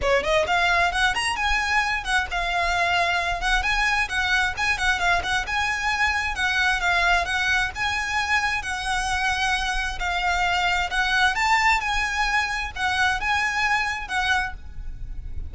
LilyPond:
\new Staff \with { instrumentName = "violin" } { \time 4/4 \tempo 4 = 132 cis''8 dis''8 f''4 fis''8 ais''8 gis''4~ | gis''8 fis''8 f''2~ f''8 fis''8 | gis''4 fis''4 gis''8 fis''8 f''8 fis''8 | gis''2 fis''4 f''4 |
fis''4 gis''2 fis''4~ | fis''2 f''2 | fis''4 a''4 gis''2 | fis''4 gis''2 fis''4 | }